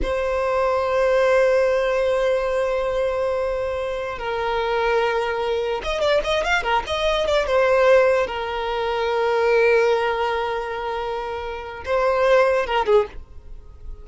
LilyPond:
\new Staff \with { instrumentName = "violin" } { \time 4/4 \tempo 4 = 147 c''1~ | c''1~ | c''2~ c''16 ais'4.~ ais'16~ | ais'2~ ais'16 dis''8 d''8 dis''8 f''16~ |
f''16 ais'8 dis''4 d''8 c''4.~ c''16~ | c''16 ais'2.~ ais'8.~ | ais'1~ | ais'4 c''2 ais'8 gis'8 | }